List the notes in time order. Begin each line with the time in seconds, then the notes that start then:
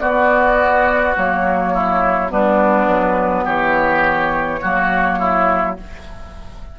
0.00 B3 F#4 D5
1.16 F#3 A#3 C#5
1.74 E4
2.29 G3 B3 D4 B4
2.88 F#3
3.45 E3 G4 C#5
4.62 F#3 A#3 F#4
5.19 E4